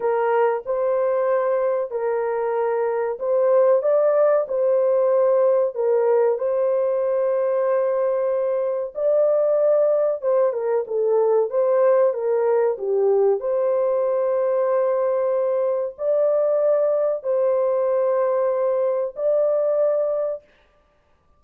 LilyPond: \new Staff \with { instrumentName = "horn" } { \time 4/4 \tempo 4 = 94 ais'4 c''2 ais'4~ | ais'4 c''4 d''4 c''4~ | c''4 ais'4 c''2~ | c''2 d''2 |
c''8 ais'8 a'4 c''4 ais'4 | g'4 c''2.~ | c''4 d''2 c''4~ | c''2 d''2 | }